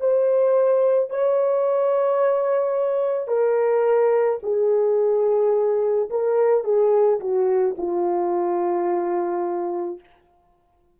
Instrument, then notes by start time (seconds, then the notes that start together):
horn
0.00 C5
1.10 C#5
3.28 A#4
4.43 G#4
6.10 A#4
6.64 G#4
7.20 F#4
7.78 F4